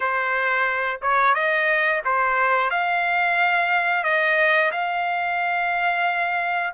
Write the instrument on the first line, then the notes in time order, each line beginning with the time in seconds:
trumpet
0.00 C5
1.01 C#5
1.34 D#5
2.04 C5
2.70 F5
4.03 D#5
4.71 F5